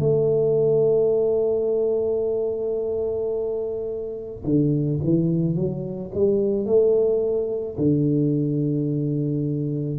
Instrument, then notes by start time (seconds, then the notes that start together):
tuba
0.00 A3
4.45 D3
5.05 E3
5.56 F#3
6.15 G3
6.66 A3
7.78 D3